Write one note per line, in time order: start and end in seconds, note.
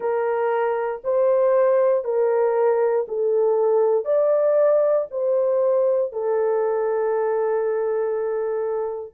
0.00 1.01 A#4
1.04 2.04 C5
2.04 3.06 A#4
3.07 4.04 A4
4.04 5.06 D5
5.11 6.12 C5
6.12 9.14 A4